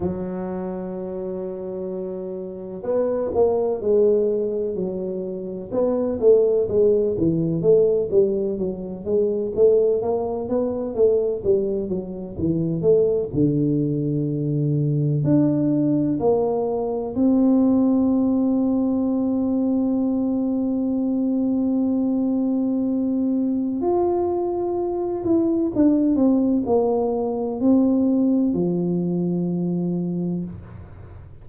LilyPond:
\new Staff \with { instrumentName = "tuba" } { \time 4/4 \tempo 4 = 63 fis2. b8 ais8 | gis4 fis4 b8 a8 gis8 e8 | a8 g8 fis8 gis8 a8 ais8 b8 a8 | g8 fis8 e8 a8 d2 |
d'4 ais4 c'2~ | c'1~ | c'4 f'4. e'8 d'8 c'8 | ais4 c'4 f2 | }